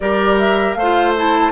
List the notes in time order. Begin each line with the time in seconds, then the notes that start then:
0.00 G3 G4 A#4 D5
0.38 E5
0.74 A3 C5 F5
0.81 F4
1.17 E4 A5